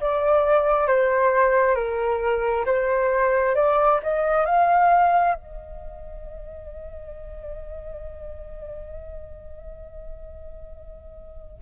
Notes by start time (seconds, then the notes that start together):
0.00 D5
0.87 C5
1.75 A#4
2.65 C5
3.55 D5
4.03 D#5
4.45 F5
5.34 D#5